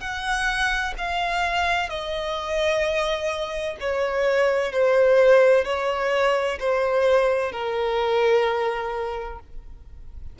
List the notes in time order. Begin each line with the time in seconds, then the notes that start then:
0.00 F#5
0.98 F5
1.89 D#5
3.80 C#5
4.72 C5
5.65 C#5
6.59 C5
7.52 A#4